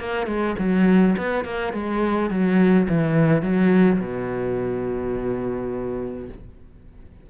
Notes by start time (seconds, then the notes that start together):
0.00 A#3
0.27 G#3
0.59 F#3
1.18 B3
1.45 A#3
1.73 G#3
2.30 F#3
2.89 E3
3.42 F#3
4.00 B2